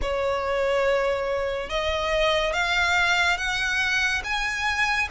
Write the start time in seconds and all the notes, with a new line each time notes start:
0.01 C#5
1.69 D#5
2.53 F5
3.37 F#5
4.24 G#5